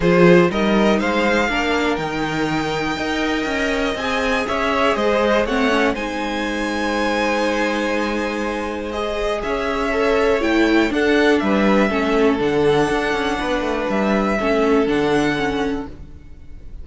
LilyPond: <<
  \new Staff \with { instrumentName = "violin" } { \time 4/4 \tempo 4 = 121 c''4 dis''4 f''2 | g''1 | gis''4 e''4 dis''4 fis''4 | gis''1~ |
gis''2 dis''4 e''4~ | e''4 g''4 fis''4 e''4~ | e''4 fis''2. | e''2 fis''2 | }
  \new Staff \with { instrumentName = "violin" } { \time 4/4 gis'4 ais'4 c''4 ais'4~ | ais'2 dis''2~ | dis''4 cis''4 c''4 cis''4 | c''1~ |
c''2. cis''4~ | cis''2 a'4 b'4 | a'2. b'4~ | b'4 a'2. | }
  \new Staff \with { instrumentName = "viola" } { \time 4/4 f'4 dis'2 d'4 | dis'2 ais'2 | gis'2. c'8 cis'8 | dis'1~ |
dis'2 gis'2 | a'4 e'4 d'2 | cis'4 d'2.~ | d'4 cis'4 d'4 cis'4 | }
  \new Staff \with { instrumentName = "cello" } { \time 4/4 f4 g4 gis4 ais4 | dis2 dis'4 cis'4 | c'4 cis'4 gis4 a4 | gis1~ |
gis2. cis'4~ | cis'4 a4 d'4 g4 | a4 d4 d'8 cis'8 b8 a8 | g4 a4 d2 | }
>>